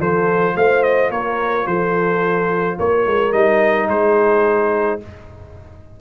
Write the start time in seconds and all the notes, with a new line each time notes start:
0.00 F3 F4 A4 C5
0.56 A3 C5 F5
0.83 D#5
1.11 A#3 A#4 C#5
1.67 F3 A4 C5
2.80 A#3 A#4 C#5
3.07 G#3
3.33 G3 D#4 D#5
3.89 G#3 G#4 C5